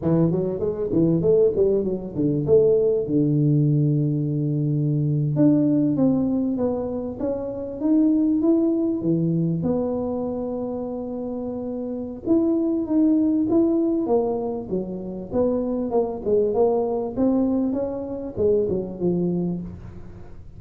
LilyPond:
\new Staff \with { instrumentName = "tuba" } { \time 4/4 \tempo 4 = 98 e8 fis8 gis8 e8 a8 g8 fis8 d8 | a4 d2.~ | d8. d'4 c'4 b4 cis'16~ | cis'8. dis'4 e'4 e4 b16~ |
b1 | e'4 dis'4 e'4 ais4 | fis4 b4 ais8 gis8 ais4 | c'4 cis'4 gis8 fis8 f4 | }